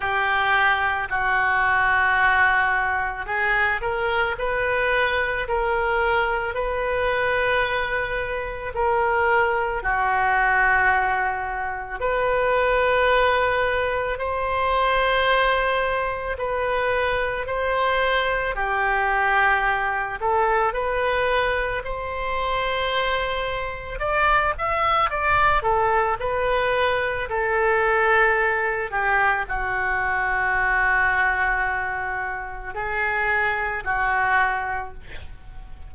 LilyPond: \new Staff \with { instrumentName = "oboe" } { \time 4/4 \tempo 4 = 55 g'4 fis'2 gis'8 ais'8 | b'4 ais'4 b'2 | ais'4 fis'2 b'4~ | b'4 c''2 b'4 |
c''4 g'4. a'8 b'4 | c''2 d''8 e''8 d''8 a'8 | b'4 a'4. g'8 fis'4~ | fis'2 gis'4 fis'4 | }